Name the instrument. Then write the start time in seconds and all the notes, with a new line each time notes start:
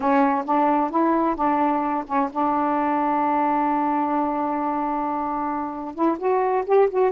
saxophone
0.00 C#4
0.45 D4
0.90 E4
1.35 D4
2.06 C#4
2.31 D4
5.94 E4
6.18 F#4
6.66 G4
6.90 F#4